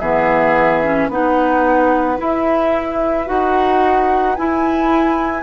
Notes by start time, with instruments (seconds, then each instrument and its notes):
0.00 bassoon E3, clarinet B3, oboe G#4, flute E5
0.83 clarinet C#4
1.09 bassoon B3, clarinet D#4, oboe B4, flute F#5
2.17 clarinet E4, bassoon E4, flute E5
3.26 bassoon D#4, clarinet F#4, flute F#5
4.35 clarinet E4, bassoon E4, flute G#5